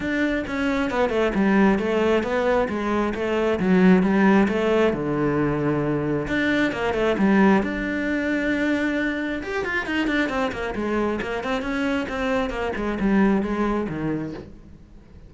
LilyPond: \new Staff \with { instrumentName = "cello" } { \time 4/4 \tempo 4 = 134 d'4 cis'4 b8 a8 g4 | a4 b4 gis4 a4 | fis4 g4 a4 d4~ | d2 d'4 ais8 a8 |
g4 d'2.~ | d'4 g'8 f'8 dis'8 d'8 c'8 ais8 | gis4 ais8 c'8 cis'4 c'4 | ais8 gis8 g4 gis4 dis4 | }